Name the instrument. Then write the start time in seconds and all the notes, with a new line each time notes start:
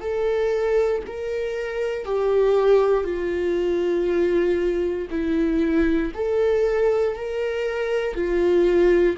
viola
0.00 A4
1.06 A#4
2.05 G4
3.04 F4
5.10 E4
6.14 A4
7.16 A#4
8.14 F4